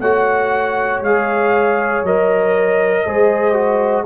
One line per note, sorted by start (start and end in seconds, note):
0.00 1.01 A3
0.00 1.04 F#4
0.00 3.05 C#5
0.00 1.02 F#5
1.01 2.03 G#3
1.01 2.06 G#4
1.01 2.06 F5
2.03 3.05 F#3
2.03 3.07 A#4
2.03 4.06 D#5
3.06 4.06 G#3
3.06 3.53 G#4
3.06 4.06 C5
3.53 4.04 F#4